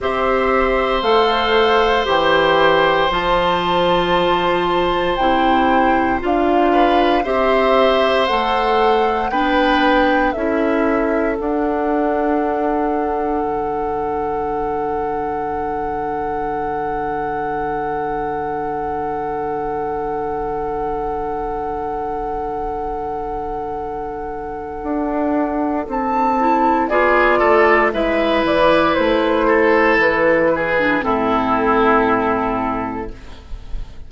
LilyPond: <<
  \new Staff \with { instrumentName = "flute" } { \time 4/4 \tempo 4 = 58 e''4 f''4 g''4 a''4~ | a''4 g''4 f''4 e''4 | fis''4 g''4 e''4 fis''4~ | fis''1~ |
fis''1~ | fis''1~ | fis''4 a''4 d''4 e''8 d''8 | c''4 b'4 a'2 | }
  \new Staff \with { instrumentName = "oboe" } { \time 4/4 c''1~ | c''2~ c''8 b'8 c''4~ | c''4 b'4 a'2~ | a'1~ |
a'1~ | a'1~ | a'2 gis'8 a'8 b'4~ | b'8 a'4 gis'8 e'2 | }
  \new Staff \with { instrumentName = "clarinet" } { \time 4/4 g'4 a'4 g'4 f'4~ | f'4 e'4 f'4 g'4 | a'4 d'4 e'4 d'4~ | d'1~ |
d'1~ | d'1~ | d'4. e'8 f'4 e'4~ | e'4.~ e'16 d'16 c'2 | }
  \new Staff \with { instrumentName = "bassoon" } { \time 4/4 c'4 a4 e4 f4~ | f4 c4 d'4 c'4 | a4 b4 cis'4 d'4~ | d'4 d2.~ |
d1~ | d1 | d'4 c'4 b8 a8 gis8 e8 | a4 e4 a,2 | }
>>